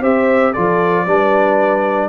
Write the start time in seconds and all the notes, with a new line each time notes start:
0.00 C4 G4 C5 E5
0.52 F3 F4 A4 D5
1.05 G3 D4 B4